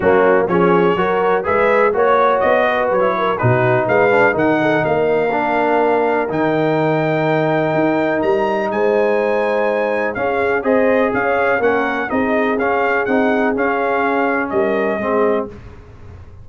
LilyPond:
<<
  \new Staff \with { instrumentName = "trumpet" } { \time 4/4 \tempo 4 = 124 fis'4 cis''2 e''4 | cis''4 dis''4 cis''4 b'4 | f''4 fis''4 f''2~ | f''4 g''2.~ |
g''4 ais''4 gis''2~ | gis''4 f''4 dis''4 f''4 | fis''4 dis''4 f''4 fis''4 | f''2 dis''2 | }
  \new Staff \with { instrumentName = "horn" } { \time 4/4 cis'4 gis'4 ais'4 b'4 | cis''4. b'4 ais'8 fis'4 | b'4 ais'8 a'8 ais'2~ | ais'1~ |
ais'2 c''2~ | c''4 gis'4 c''4 cis''4 | ais'4 gis'2.~ | gis'2 ais'4 gis'4 | }
  \new Staff \with { instrumentName = "trombone" } { \time 4/4 ais4 cis'4 fis'4 gis'4 | fis'2~ fis'16 e'8. dis'4~ | dis'8 d'8 dis'2 d'4~ | d'4 dis'2.~ |
dis'1~ | dis'4 cis'4 gis'2 | cis'4 dis'4 cis'4 dis'4 | cis'2. c'4 | }
  \new Staff \with { instrumentName = "tuba" } { \time 4/4 fis4 f4 fis4 gis4 | ais4 b4 fis4 b,4 | gis4 dis4 ais2~ | ais4 dis2. |
dis'4 g4 gis2~ | gis4 cis'4 c'4 cis'4 | ais4 c'4 cis'4 c'4 | cis'2 g4 gis4 | }
>>